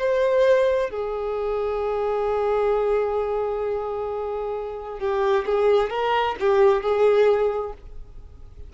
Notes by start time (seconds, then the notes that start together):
0.00 C5
0.90 G#4
5.00 G4
5.46 G#4
5.90 A#4
6.40 G4
6.82 G#4